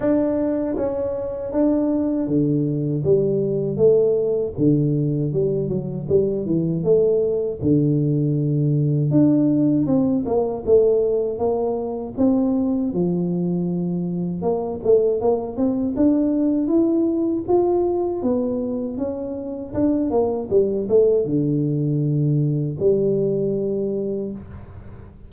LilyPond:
\new Staff \with { instrumentName = "tuba" } { \time 4/4 \tempo 4 = 79 d'4 cis'4 d'4 d4 | g4 a4 d4 g8 fis8 | g8 e8 a4 d2 | d'4 c'8 ais8 a4 ais4 |
c'4 f2 ais8 a8 | ais8 c'8 d'4 e'4 f'4 | b4 cis'4 d'8 ais8 g8 a8 | d2 g2 | }